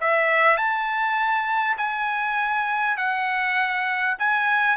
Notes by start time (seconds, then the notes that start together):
0.00 E5
0.57 A5
1.77 G#5
2.97 F#5
4.19 G#5